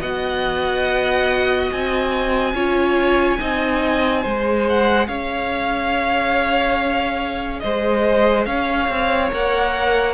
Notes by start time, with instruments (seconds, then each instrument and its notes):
0.00 cello B3, viola F#4, violin D#5 F#5
1.71 cello C4, violin G#5
2.53 cello C#4, viola F4, violin C#5
3.39 cello C4, viola D#4, violin D#5
4.21 cello G#3, viola G#4, violin C5
4.69 violin F#5
5.07 cello C#4, violin C#5 F5
7.59 cello G#3, violin C5 D#5
8.45 cello C#4, violin C#5 F5
8.88 cello C4
9.30 cello A#3, viola A#4, violin F#5